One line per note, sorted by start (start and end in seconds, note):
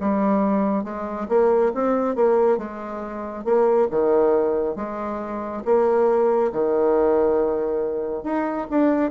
0.00 0.84 G3
0.84 1.27 G#3
1.28 1.72 A#3
1.74 2.15 C4
2.15 2.58 A#3
2.58 3.44 G#3
3.44 3.88 A#3
3.90 4.75 D#3
4.75 5.62 G#3
5.65 6.52 A#3
6.52 8.23 D#3
8.23 8.67 D#4
8.70 9.11 D4